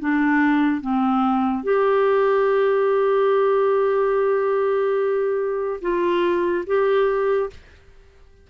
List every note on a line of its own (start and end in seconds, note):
0.00 0.81 D4
0.81 1.63 C4
1.63 5.80 G4
5.81 6.65 F4
6.67 7.50 G4